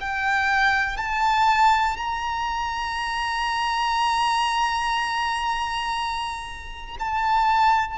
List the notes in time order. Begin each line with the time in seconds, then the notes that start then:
0.00 G5
0.97 A5
1.97 A#5
7.00 A5